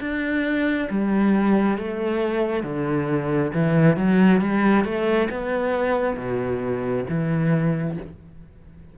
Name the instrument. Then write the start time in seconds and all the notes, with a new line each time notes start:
cello
0.00 D4
0.90 G3
1.78 A3
2.64 D3
3.54 E3
3.97 F#3
4.41 G3
4.84 A3
5.30 B3
6.16 B2
7.09 E3